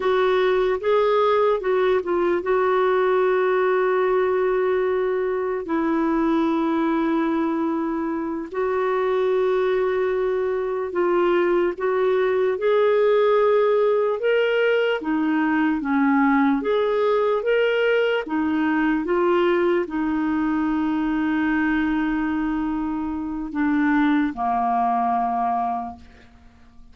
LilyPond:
\new Staff \with { instrumentName = "clarinet" } { \time 4/4 \tempo 4 = 74 fis'4 gis'4 fis'8 f'8 fis'4~ | fis'2. e'4~ | e'2~ e'8 fis'4.~ | fis'4. f'4 fis'4 gis'8~ |
gis'4. ais'4 dis'4 cis'8~ | cis'8 gis'4 ais'4 dis'4 f'8~ | f'8 dis'2.~ dis'8~ | dis'4 d'4 ais2 | }